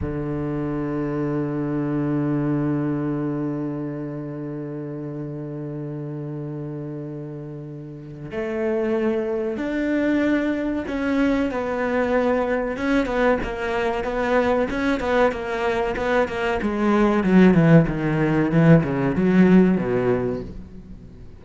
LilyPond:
\new Staff \with { instrumentName = "cello" } { \time 4/4 \tempo 4 = 94 d1~ | d1~ | d1~ | d4 a2 d'4~ |
d'4 cis'4 b2 | cis'8 b8 ais4 b4 cis'8 b8 | ais4 b8 ais8 gis4 fis8 e8 | dis4 e8 cis8 fis4 b,4 | }